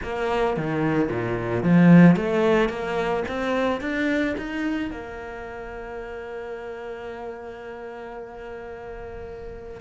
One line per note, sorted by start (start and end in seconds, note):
0.03 0.56 A#3
0.56 1.09 D#3
1.09 1.63 A#2
1.63 2.15 F3
2.15 2.69 A3
2.69 3.23 A#3
3.28 3.81 C4
3.81 4.35 D4
4.37 4.90 D#4
4.90 9.80 A#3